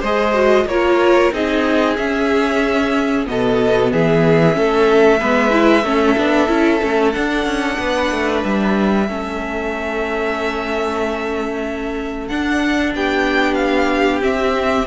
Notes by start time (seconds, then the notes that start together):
0.00 G#3 G#4 C5 D#5
0.33 F#4
0.65 A#3 F4 A#4 C#5
1.32 C4 D#4 G#4 D#5
1.96 C#4 E5
3.26 B2 B3 A4 D#5
3.92 E3 G#4 E5
4.53 A3 C#4 A4
5.19 G#3 B3 B4
5.50 E4
5.83 A3 C#4 A4
6.17 B3 D4
6.47 C#4 E4
6.81 A3 C#4
7.11 D4 F#5
7.45 C#4
7.79 B3 B4
8.11 A3
8.44 G3 E5
9.07 A3 C#4 A4
12.27 D4 F#5
12.94 B3 G4 G5
13.54 F5
14.21 C4 E5